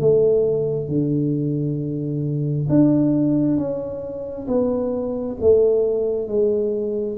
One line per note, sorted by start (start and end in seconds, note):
0.00 0.88 A3
0.88 2.67 D3
2.69 3.57 D4
3.57 4.47 C#4
4.47 5.36 B3
5.40 6.27 A3
6.27 7.17 G#3